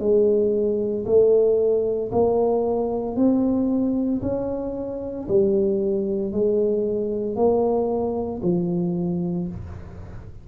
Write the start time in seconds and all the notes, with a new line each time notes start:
0.00 G#3
1.06 A3
2.12 A#3
3.17 C4
4.22 C#4
5.29 G3
6.33 G#3
7.36 A#3
8.43 F3